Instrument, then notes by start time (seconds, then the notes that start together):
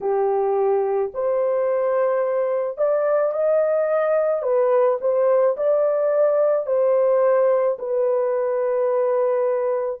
horn
0.00 G4
1.14 C5
2.77 D5
3.32 D#5
4.42 B4
5.00 C5
5.56 D5
6.66 C5
7.78 B4